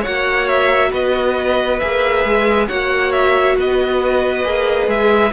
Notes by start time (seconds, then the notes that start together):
0.00 F#4 C#5 F#5
0.06 A#3
0.47 E5
0.91 B3 B4 D#5
1.79 A#3 G#4 E5
2.24 G#3
2.68 A#3 F#4 C#5 F#5
3.11 E5
3.56 B3 B4 D#5
4.44 A#3 G#4
4.87 G#3 E5